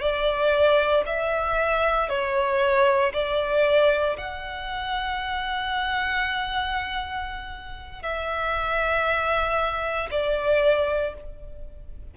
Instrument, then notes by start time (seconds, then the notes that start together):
violin
0.00 D5
1.06 E5
2.09 C#5
3.13 D5
4.18 F#5
8.02 E5
10.11 D5